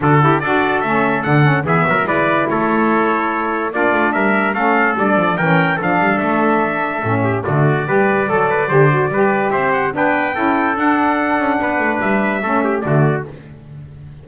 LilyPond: <<
  \new Staff \with { instrumentName = "trumpet" } { \time 4/4 \tempo 4 = 145 a'4 d''4 e''4 fis''4 | e''4 d''4 cis''2~ | cis''4 d''4 e''4 f''4 | d''4 g''4 f''4 e''4~ |
e''2 d''2~ | d''2. e''8 fis''8 | g''2 fis''2~ | fis''4 e''2 d''4 | }
  \new Staff \with { instrumentName = "trumpet" } { \time 4/4 fis'8 g'8 a'2. | gis'8 ais'8 b'4 a'2~ | a'4 f'4 ais'4 a'4~ | a'4 ais'4 a'2~ |
a'4. g'8 fis'4 b'4 | a'8 b'8 c''4 b'4 c''4 | b'4 a'2. | b'2 a'8 g'8 fis'4 | }
  \new Staff \with { instrumentName = "saxophone" } { \time 4/4 d'8 e'8 fis'4 cis'4 d'8 cis'8 | b4 e'2.~ | e'4 d'2 cis'4 | d'4 cis'4 d'2~ |
d'4 cis'4 a4 g'4 | a'4 g'8 fis'8 g'2 | d'4 e'4 d'2~ | d'2 cis'4 a4 | }
  \new Staff \with { instrumentName = "double bass" } { \time 4/4 d4 d'4 a4 d4 | e8 fis8 gis4 a2~ | a4 ais8 a8 g4 a4 | g8 f8 e4 f8 g8 a4~ |
a4 a,4 d4 g4 | fis4 d4 g4 c'4 | b4 cis'4 d'4. cis'8 | b8 a8 g4 a4 d4 | }
>>